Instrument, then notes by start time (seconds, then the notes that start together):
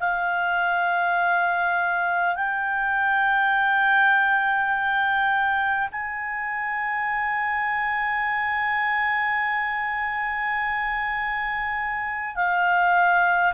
clarinet
0.00 F5
2.36 G5
5.92 G#5
12.36 F5